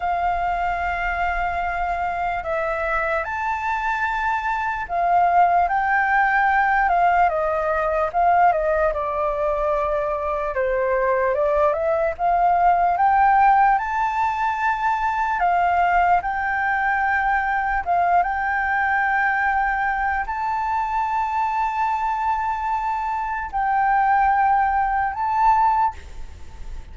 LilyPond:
\new Staff \with { instrumentName = "flute" } { \time 4/4 \tempo 4 = 74 f''2. e''4 | a''2 f''4 g''4~ | g''8 f''8 dis''4 f''8 dis''8 d''4~ | d''4 c''4 d''8 e''8 f''4 |
g''4 a''2 f''4 | g''2 f''8 g''4.~ | g''4 a''2.~ | a''4 g''2 a''4 | }